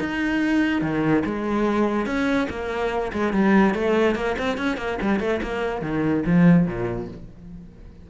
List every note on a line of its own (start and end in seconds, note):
0.00 0.82 D#4
0.82 1.23 D#3
1.26 2.06 G#3
2.06 2.48 C#4
2.50 3.12 A#3
3.13 3.33 G#3
3.33 3.75 G3
3.75 4.15 A3
4.15 4.36 A#3
4.39 4.58 C4
4.58 4.77 C#4
4.77 4.98 A#3
5.02 5.20 G3
5.20 5.41 A3
5.43 5.82 A#3
5.82 6.24 D#3
6.26 6.66 F3
6.66 7.08 A#2